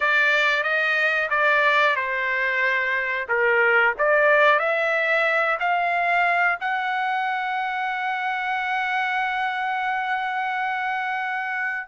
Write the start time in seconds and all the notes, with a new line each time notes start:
0.00 D5
0.63 D#5
1.29 D5
1.95 C5
3.28 A#4
3.98 D5
4.59 E5
5.59 F5
6.60 F#5